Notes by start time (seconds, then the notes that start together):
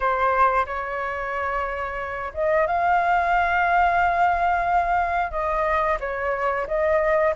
0.00 C5
0.65 C#5
2.33 D#5
2.67 F5
5.31 D#5
6.00 C#5
6.67 D#5